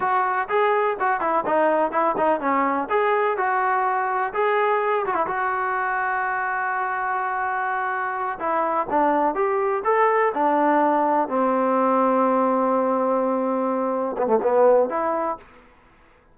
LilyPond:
\new Staff \with { instrumentName = "trombone" } { \time 4/4 \tempo 4 = 125 fis'4 gis'4 fis'8 e'8 dis'4 | e'8 dis'8 cis'4 gis'4 fis'4~ | fis'4 gis'4. fis'16 e'16 fis'4~ | fis'1~ |
fis'4. e'4 d'4 g'8~ | g'8 a'4 d'2 c'8~ | c'1~ | c'4. b16 a16 b4 e'4 | }